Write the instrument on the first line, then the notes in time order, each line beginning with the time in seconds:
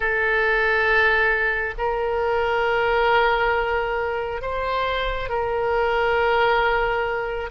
oboe
0.00 A4
1.78 A#4
4.41 C5
5.29 A#4